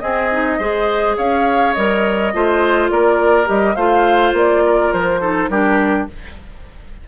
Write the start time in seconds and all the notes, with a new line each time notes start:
0.00 C4 G#4 D#5
0.31 D#4
0.59 G#3 G#4 C5
1.17 C#4 C#5 F5
1.73 G3 A#4 D#5
2.34 A3 F4 C5
2.90 A#3 A#4 D5
3.46 G3 G4 D#5
3.75 A3 F4 C5 F5
4.33 A#3 D5
4.66 A#4
4.93 F3 C5
5.20 D#4 A4
5.49 G3 D4 G4 A#4